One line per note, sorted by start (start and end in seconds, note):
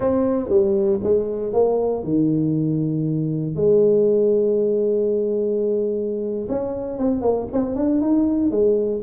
0.00 0.49 C4
0.49 1.00 G3
1.03 1.53 G#3
1.53 2.03 A#3
2.03 3.55 D#3
3.55 6.47 G#3
6.48 6.98 C#4
6.98 7.21 C4
7.21 7.47 A#3
7.52 7.75 C4
7.75 8.01 D4
8.01 8.51 D#4
8.51 9.01 G#3